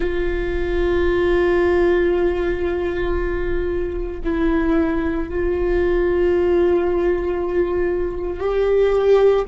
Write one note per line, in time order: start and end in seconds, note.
0.00 4.20 F4
4.23 5.29 E4
5.29 8.40 F4
8.40 9.45 G4